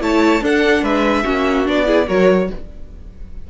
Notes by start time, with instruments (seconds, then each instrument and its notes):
0.00 cello A3, viola E4, violin C#5 A5
0.41 cello D4, viola D4, violin A4 F#5
0.82 cello G#3, violin B4 E5
1.23 cello A#3, viola C#4, violin F#4
1.65 cello B3, viola D4, violin D5
1.85 viola E4, violin G#4
2.07 cello F#3, viola F#4, violin A#4 C#5